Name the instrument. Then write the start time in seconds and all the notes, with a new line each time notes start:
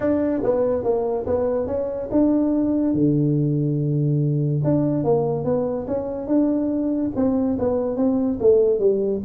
tuba
0.00 D4
0.43 B3
0.83 A#3
1.26 B3
1.66 C#4
2.11 D4
2.93 D3
4.64 D4
5.04 A#3
5.44 B3
5.87 C#4
6.27 D4
7.15 C4
7.58 B3
7.96 C4
8.40 A3
8.79 G3